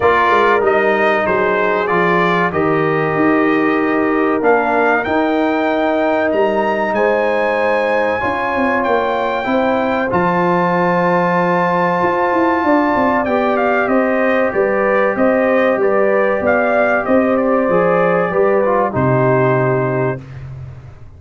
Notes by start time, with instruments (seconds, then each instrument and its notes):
0.00 tuba A#3, trombone F4, horn A#4, trumpet D5
0.29 tuba G#3
0.61 tuba G3, trombone D#4, trumpet D#5
1.25 tuba F#3, horn G#4, trumpet C5
1.87 tuba F3, trombone F4, trumpet D5
2.51 tuba D#3, trombone G4, horn A#4, trumpet D#5
3.15 tuba D#4
4.41 tuba A#3, trombone D4, trumpet F5
5.04 trombone D#4, tuba D#4, trumpet G5
6.31 tuba G3, trumpet A#5
6.92 tuba G#3, horn C5, trumpet G#5
8.19 tuba C#4, trombone F4, horn C#5
8.55 tuba C4
8.83 tuba A#3, trumpet G5
9.44 tuba C4, trombone E4
9.50 horn C5
10.10 tuba F3, trombone F4, trumpet A5
12.02 tuba F4
12.32 tuba E4
12.63 tuba D4, horn D5
12.95 tuba C4
13.25 tuba B3, trombone G4, trumpet G5
13.56 trumpet F5
13.87 tuba C4, horn C5, trumpet D#5
14.52 tuba G3, horn B4, trumpet D5
15.16 tuba C4, horn C5, trumpet D#5
15.76 tuba G3, horn B4, trumpet D5
16.40 tuba B3, horn D5, trumpet F5
17.05 tuba C4, horn C5, trumpet D#5
17.36 trumpet D5
17.69 tuba F3, trombone G#4
18.30 tuba G3, trombone G4, horn B4
18.64 trombone F4
18.91 tuba C3, trombone D#4, horn G4, trumpet C5